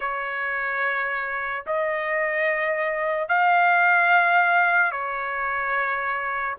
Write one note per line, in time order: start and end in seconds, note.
0.00 1.64 C#5
1.66 3.28 D#5
3.28 4.91 F5
4.91 6.56 C#5